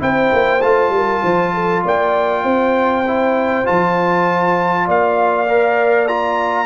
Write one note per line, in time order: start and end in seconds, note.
0.00 0.32 C4
0.00 0.61 E4
0.00 0.95 C5
0.00 0.62 G5
0.33 0.63 A#3
0.62 0.90 A3
0.62 3.05 F4
0.62 1.83 A5
0.90 1.20 G3
0.90 1.23 A#4
1.23 1.85 F3
1.23 1.54 C5
1.54 1.84 A4
1.84 2.44 A#3
1.84 2.44 D5
1.84 3.67 G5
2.44 3.65 C4
2.44 4.86 C5
3.08 3.65 E4
3.65 4.88 F3
3.65 5.46 F4
3.65 4.88 A5
4.86 6.66 A#3
4.86 6.66 D5
4.86 6.08 F5
5.49 6.09 A#4
6.08 6.66 F4
6.08 6.66 A#5